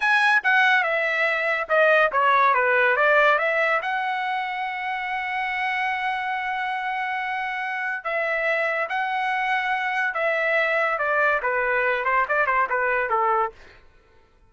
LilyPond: \new Staff \with { instrumentName = "trumpet" } { \time 4/4 \tempo 4 = 142 gis''4 fis''4 e''2 | dis''4 cis''4 b'4 d''4 | e''4 fis''2.~ | fis''1~ |
fis''2. e''4~ | e''4 fis''2. | e''2 d''4 b'4~ | b'8 c''8 d''8 c''8 b'4 a'4 | }